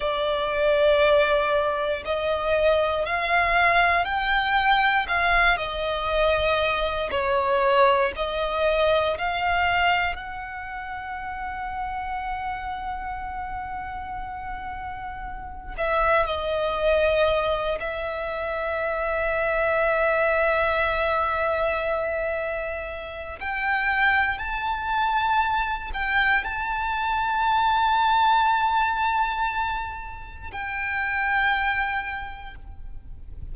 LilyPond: \new Staff \with { instrumentName = "violin" } { \time 4/4 \tempo 4 = 59 d''2 dis''4 f''4 | g''4 f''8 dis''4. cis''4 | dis''4 f''4 fis''2~ | fis''2.~ fis''8 e''8 |
dis''4. e''2~ e''8~ | e''2. g''4 | a''4. g''8 a''2~ | a''2 g''2 | }